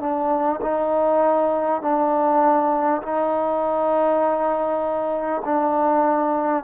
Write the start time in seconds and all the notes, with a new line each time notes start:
0.00 D4
0.62 D#4
1.81 D4
3.02 D#4
5.44 D4